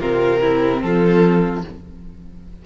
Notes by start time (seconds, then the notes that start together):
0.00 C3 C4 F4 A#4
0.41 E4
0.81 F3 F4 A4